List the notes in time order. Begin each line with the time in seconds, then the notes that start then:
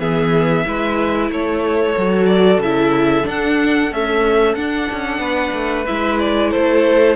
0.00 E3 B3 G#4 E5
0.65 G#3 E4 B4
1.30 A3 A4 C#5
1.98 F#3 F#4
2.27 D5
2.59 C#3 E4 E5
3.24 D4 F#5
3.92 A3 C#4 E5
4.55 D4 F#5
4.93 C#4
5.19 B3 B4
5.54 A3
5.87 G#3 E4 E5
6.20 D5
6.51 A3 A4 C5